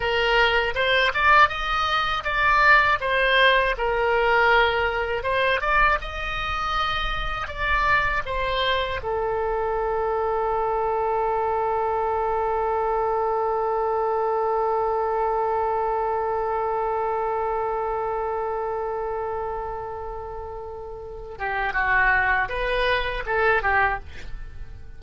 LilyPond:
\new Staff \with { instrumentName = "oboe" } { \time 4/4 \tempo 4 = 80 ais'4 c''8 d''8 dis''4 d''4 | c''4 ais'2 c''8 d''8 | dis''2 d''4 c''4 | a'1~ |
a'1~ | a'1~ | a'1~ | a'8 g'8 fis'4 b'4 a'8 g'8 | }